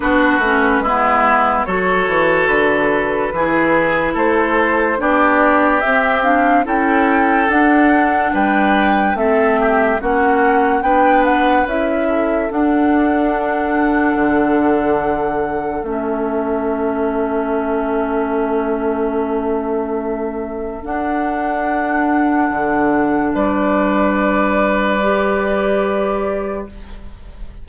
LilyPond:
<<
  \new Staff \with { instrumentName = "flute" } { \time 4/4 \tempo 4 = 72 b'2 cis''4 b'4~ | b'4 c''4 d''4 e''8 f''8 | g''4 fis''4 g''4 e''4 | fis''4 g''8 fis''8 e''4 fis''4~ |
fis''2. e''4~ | e''1~ | e''4 fis''2. | d''1 | }
  \new Staff \with { instrumentName = "oboe" } { \time 4/4 fis'4 e'4 a'2 | gis'4 a'4 g'2 | a'2 b'4 a'8 g'8 | fis'4 b'4. a'4.~ |
a'1~ | a'1~ | a'1 | b'1 | }
  \new Staff \with { instrumentName = "clarinet" } { \time 4/4 d'8 cis'8 b4 fis'2 | e'2 d'4 c'8 d'8 | e'4 d'2 c'4 | cis'4 d'4 e'4 d'4~ |
d'2. cis'4~ | cis'1~ | cis'4 d'2.~ | d'2 g'2 | }
  \new Staff \with { instrumentName = "bassoon" } { \time 4/4 b8 a8 gis4 fis8 e8 d4 | e4 a4 b4 c'4 | cis'4 d'4 g4 a4 | ais4 b4 cis'4 d'4~ |
d'4 d2 a4~ | a1~ | a4 d'2 d4 | g1 | }
>>